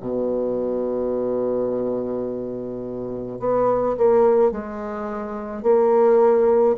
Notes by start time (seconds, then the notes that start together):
0.00 B2
3.39 B3
3.97 A#3
4.51 G#3
5.62 A#3